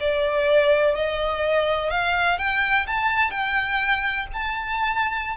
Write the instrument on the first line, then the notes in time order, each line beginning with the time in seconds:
violin
0.00 D5
0.96 D#5
1.91 F5
2.39 G5
2.87 A5
3.31 G5
4.34 A5